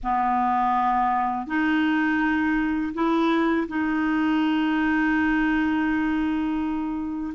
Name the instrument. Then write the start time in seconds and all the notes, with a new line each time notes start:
clarinet
0.03 B3
1.46 D#4
2.93 E4
3.68 D#4